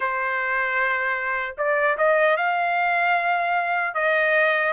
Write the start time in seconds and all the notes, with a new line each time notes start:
0.00 C5
1.57 D5
1.97 D#5
2.36 F5
3.94 D#5